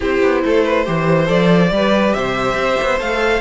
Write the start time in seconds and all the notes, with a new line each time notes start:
0.00 C4 E4 G4 C5
0.22 B3
0.45 A3 A4
0.64 B4
0.85 E3 G4 C5
1.26 F3 A4 D5
1.70 G3 G4 B4
2.13 C3 C5 E5
2.54 C4
2.82 B3
2.98 A3 A4 F5